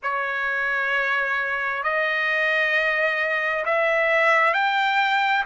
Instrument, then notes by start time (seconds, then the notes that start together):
trumpet
0.02 C#5
1.83 D#5
3.65 E5
4.53 G5